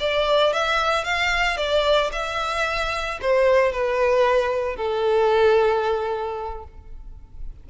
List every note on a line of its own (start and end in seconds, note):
0.00 0.53 D5
0.53 1.04 E5
1.04 1.58 F5
1.58 2.11 D5
2.12 3.19 E5
3.22 3.72 C5
3.72 4.77 B4
4.77 6.64 A4